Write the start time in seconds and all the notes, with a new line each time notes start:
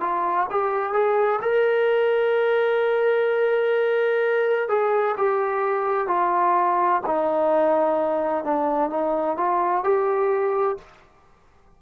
0.00 F4
0.50 G4
0.92 G#4
1.41 A#4
4.68 G#4
5.17 G4
6.07 F4
7.06 D#4
8.44 D4
8.89 D#4
9.36 F4
9.83 G4